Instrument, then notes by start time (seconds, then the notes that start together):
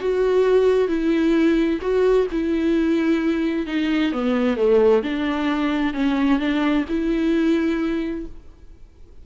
viola
0.00 F#4
0.88 E4
1.81 F#4
2.31 E4
3.66 D#4
4.12 B3
4.56 A3
5.03 D4
5.94 C#4
6.39 D4
6.88 E4